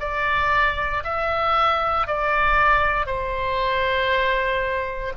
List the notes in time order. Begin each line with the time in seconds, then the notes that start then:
0.00 D5
1.04 E5
2.07 D5
3.07 C5